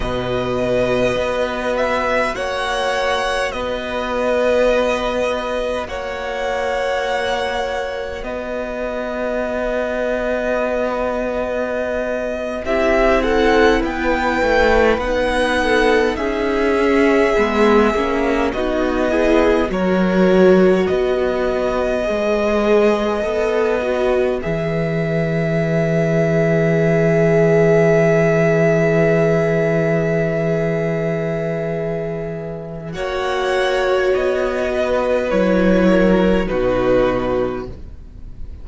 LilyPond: <<
  \new Staff \with { instrumentName = "violin" } { \time 4/4 \tempo 4 = 51 dis''4. e''8 fis''4 dis''4~ | dis''4 fis''2 dis''4~ | dis''2~ dis''8. e''8 fis''8 g''16~ | g''8. fis''4 e''2 dis''16~ |
dis''8. cis''4 dis''2~ dis''16~ | dis''8. e''2.~ e''16~ | e''1 | fis''4 dis''4 cis''4 b'4 | }
  \new Staff \with { instrumentName = "violin" } { \time 4/4 b'2 cis''4 b'4~ | b'4 cis''2 b'4~ | b'2~ b'8. g'8 a'8 b'16~ | b'4~ b'16 a'8 gis'2 fis'16~ |
fis'16 gis'8 ais'4 b'2~ b'16~ | b'1~ | b'1 | cis''4. b'4 ais'8 fis'4 | }
  \new Staff \with { instrumentName = "viola" } { \time 4/4 fis'1~ | fis'1~ | fis'2~ fis'8. e'4~ e'16~ | e'8. dis'4. cis'8 b8 cis'8 dis'16~ |
dis'16 e'8 fis'2 gis'4 a'16~ | a'16 fis'8 gis'2.~ gis'16~ | gis'1 | fis'2 e'4 dis'4 | }
  \new Staff \with { instrumentName = "cello" } { \time 4/4 b,4 b4 ais4 b4~ | b4 ais2 b4~ | b2~ b8. c'4 b16~ | b16 a8 b4 cis'4 gis8 ais8 b16~ |
b8. fis4 b4 gis4 b16~ | b8. e2.~ e16~ | e1 | ais4 b4 fis4 b,4 | }
>>